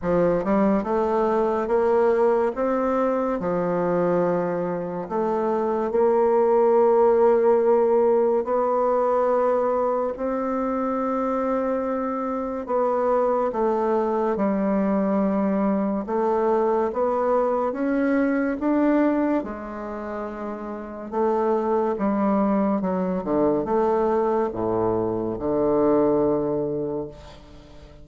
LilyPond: \new Staff \with { instrumentName = "bassoon" } { \time 4/4 \tempo 4 = 71 f8 g8 a4 ais4 c'4 | f2 a4 ais4~ | ais2 b2 | c'2. b4 |
a4 g2 a4 | b4 cis'4 d'4 gis4~ | gis4 a4 g4 fis8 d8 | a4 a,4 d2 | }